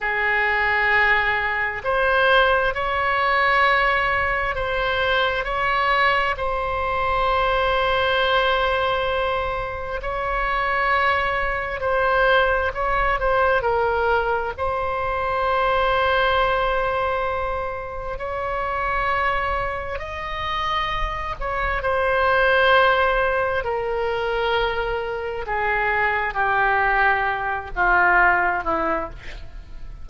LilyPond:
\new Staff \with { instrumentName = "oboe" } { \time 4/4 \tempo 4 = 66 gis'2 c''4 cis''4~ | cis''4 c''4 cis''4 c''4~ | c''2. cis''4~ | cis''4 c''4 cis''8 c''8 ais'4 |
c''1 | cis''2 dis''4. cis''8 | c''2 ais'2 | gis'4 g'4. f'4 e'8 | }